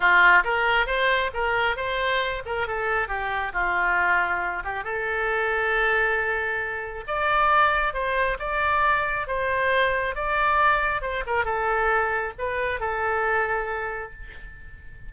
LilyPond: \new Staff \with { instrumentName = "oboe" } { \time 4/4 \tempo 4 = 136 f'4 ais'4 c''4 ais'4 | c''4. ais'8 a'4 g'4 | f'2~ f'8 g'8 a'4~ | a'1 |
d''2 c''4 d''4~ | d''4 c''2 d''4~ | d''4 c''8 ais'8 a'2 | b'4 a'2. | }